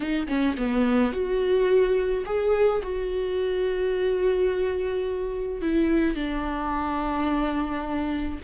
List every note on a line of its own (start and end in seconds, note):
0.00 0.27 D#4
0.28 0.56 C#4
0.57 1.12 B3
1.12 2.24 F#4
2.25 2.81 G#4
2.82 5.61 F#4
5.61 6.15 E4
6.15 8.39 D4